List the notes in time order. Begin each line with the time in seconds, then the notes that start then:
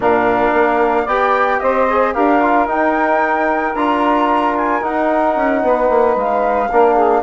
0.00 A#2 D4 A#4 F5
0.53 A#3
1.04 B3 G4 D5 G5
1.59 C4 C5 D#5
1.89 G#4
2.13 D4 G4 A#4 F5
2.41 F4
2.67 D#4 G5
3.74 D4 F4 A#5
4.57 G#5
4.81 D#4 F#5
5.35 C#4
5.62 B3 B4
5.89 A#3
6.15 G#3 F5
6.71 A#3 D4 A#4
6.94 G#4